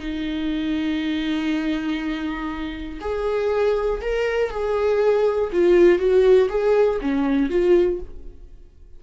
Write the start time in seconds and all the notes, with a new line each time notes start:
0.00 D#4
3.01 G#4
4.01 A#4
4.51 G#4
5.53 F4
5.99 F#4
6.50 G#4
7.02 C#4
7.50 F4